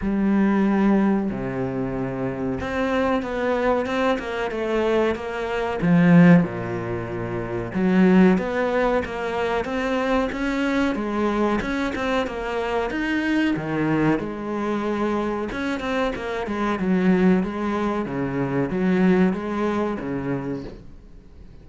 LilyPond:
\new Staff \with { instrumentName = "cello" } { \time 4/4 \tempo 4 = 93 g2 c2 | c'4 b4 c'8 ais8 a4 | ais4 f4 ais,2 | fis4 b4 ais4 c'4 |
cis'4 gis4 cis'8 c'8 ais4 | dis'4 dis4 gis2 | cis'8 c'8 ais8 gis8 fis4 gis4 | cis4 fis4 gis4 cis4 | }